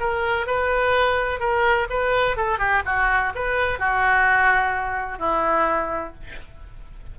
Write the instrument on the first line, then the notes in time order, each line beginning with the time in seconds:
oboe
0.00 A#4
0.47 B4
1.40 A#4
1.90 B4
2.37 A4
2.59 G4
2.85 F#4
3.35 B4
3.79 F#4
5.19 E4